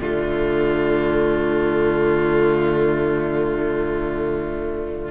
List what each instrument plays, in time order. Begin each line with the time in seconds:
0.00 cello D3, viola A3, violin F4 D5